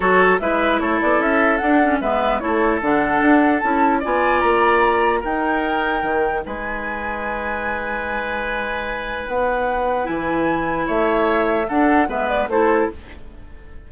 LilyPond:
<<
  \new Staff \with { instrumentName = "flute" } { \time 4/4 \tempo 4 = 149 cis''4 e''4 cis''8 d''8 e''4 | fis''4 e''4 cis''4 fis''4~ | fis''4 a''4 gis''4 ais''4~ | ais''4 g''2. |
gis''1~ | gis''2. fis''4~ | fis''4 gis''2 e''4~ | e''4 fis''4 e''8 d''8 c''4 | }
  \new Staff \with { instrumentName = "oboe" } { \time 4/4 a'4 b'4 a'2~ | a'4 b'4 a'2~ | a'2 d''2~ | d''4 ais'2. |
b'1~ | b'1~ | b'2. cis''4~ | cis''4 a'4 b'4 a'4 | }
  \new Staff \with { instrumentName = "clarinet" } { \time 4/4 fis'4 e'2. | d'8 cis'8 b4 e'4 d'4~ | d'4 e'4 f'2~ | f'4 dis'2.~ |
dis'1~ | dis'1~ | dis'4 e'2.~ | e'4 d'4 b4 e'4 | }
  \new Staff \with { instrumentName = "bassoon" } { \time 4/4 fis4 gis4 a8 b8 cis'4 | d'4 gis4 a4 d4 | d'4 cis'4 b4 ais4~ | ais4 dis'2 dis4 |
gis1~ | gis2. b4~ | b4 e2 a4~ | a4 d'4 gis4 a4 | }
>>